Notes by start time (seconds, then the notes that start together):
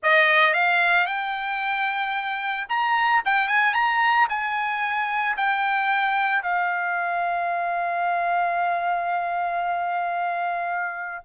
0.02 D#5
0.53 F5
1.06 G5
2.68 A#5
3.25 G5
3.48 G#5
3.74 A#5
4.29 G#5
5.36 G5
6.42 F5